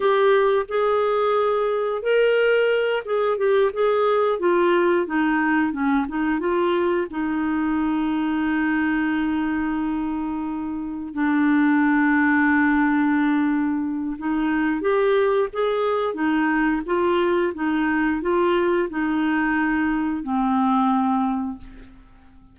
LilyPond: \new Staff \with { instrumentName = "clarinet" } { \time 4/4 \tempo 4 = 89 g'4 gis'2 ais'4~ | ais'8 gis'8 g'8 gis'4 f'4 dis'8~ | dis'8 cis'8 dis'8 f'4 dis'4.~ | dis'1~ |
dis'8 d'2.~ d'8~ | d'4 dis'4 g'4 gis'4 | dis'4 f'4 dis'4 f'4 | dis'2 c'2 | }